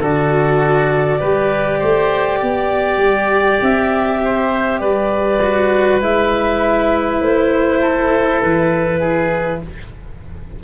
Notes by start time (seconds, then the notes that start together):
0.00 D3 F#4 A4 D5
1.19 G3 G4 B4
1.79 A3 C5
2.39 B3 D5
2.97 G3
3.61 C4 E5
4.24 C5
4.79 G3 B4 D5
5.42 F#4
6.00 G#3 E4 E5
7.20 A3 C5
7.81 A4
8.40 E3 B4
9.00 G#4